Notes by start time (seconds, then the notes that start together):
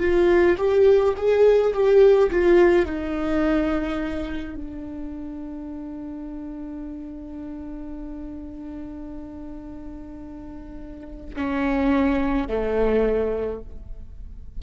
0.00 F4
0.58 G4
1.17 G#4
1.74 G4
2.32 F4
2.86 D#4
4.56 D4
11.37 C#4
12.48 A3